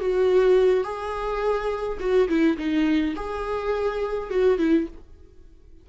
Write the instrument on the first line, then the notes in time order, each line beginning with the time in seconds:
viola
0.00 F#4
0.84 G#4
1.99 F#4
2.28 E4
2.57 D#4
3.16 G#4
4.30 F#4
4.58 E4